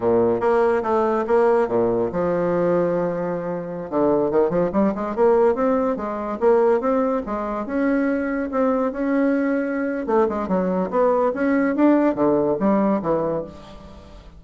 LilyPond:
\new Staff \with { instrumentName = "bassoon" } { \time 4/4 \tempo 4 = 143 ais,4 ais4 a4 ais4 | ais,4 f2.~ | f4~ f16 d4 dis8 f8 g8 gis16~ | gis16 ais4 c'4 gis4 ais8.~ |
ais16 c'4 gis4 cis'4.~ cis'16~ | cis'16 c'4 cis'2~ cis'8. | a8 gis8 fis4 b4 cis'4 | d'4 d4 g4 e4 | }